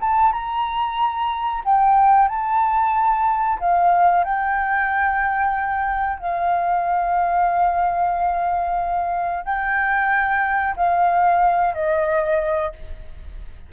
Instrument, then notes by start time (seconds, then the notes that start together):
flute
0.00 A5
0.32 A#5
1.65 G5
2.28 A5
3.60 F5
4.24 G5
6.18 F5
9.44 G5
10.76 F5
11.74 D#5